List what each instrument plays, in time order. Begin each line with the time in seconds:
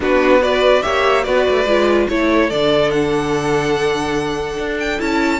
0.00 cello B3, viola D4, violin F#4 B4
0.41 viola F#4, violin B4 D5
0.82 cello A#3, viola G4, violin C#5 E5
1.23 cello B3, viola F#4, violin B4 D5
1.49 cello A3
1.65 cello G#3, viola F4
2.08 cello A3, viola E4, violin A4 C#5
2.49 cello D3, viola D4, violin D5
2.90 violin F#5
4.57 cello D4
4.79 violin G5
4.98 cello C#4, viola E4, violin A5